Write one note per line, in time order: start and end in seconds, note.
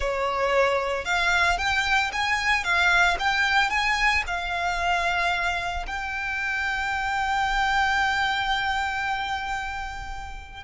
0.00 1.05 C#5
1.05 1.58 F5
1.58 2.11 G5
2.12 2.64 G#5
2.64 3.17 F5
3.19 3.70 G5
3.70 4.23 G#5
4.26 5.86 F5
5.86 10.63 G5